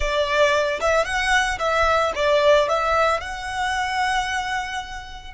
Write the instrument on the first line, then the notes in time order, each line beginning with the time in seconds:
violin
0.00 D5
0.80 E5
1.04 F#5
1.58 E5
2.15 D5
2.68 E5
3.20 F#5